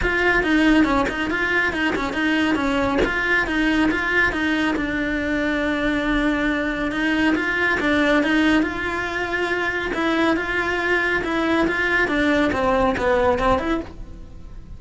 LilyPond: \new Staff \with { instrumentName = "cello" } { \time 4/4 \tempo 4 = 139 f'4 dis'4 cis'8 dis'8 f'4 | dis'8 cis'8 dis'4 cis'4 f'4 | dis'4 f'4 dis'4 d'4~ | d'1 |
dis'4 f'4 d'4 dis'4 | f'2. e'4 | f'2 e'4 f'4 | d'4 c'4 b4 c'8 e'8 | }